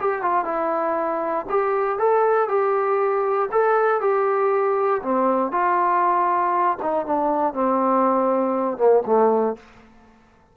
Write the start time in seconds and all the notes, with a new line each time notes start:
0.00 G4
0.22 F4
0.44 E4
1.49 G4
1.98 A4
2.48 G4
3.51 A4
4.00 G4
5.02 C4
5.51 F4
6.82 D#4
7.06 D4
7.53 C4
8.77 A#3
9.06 A3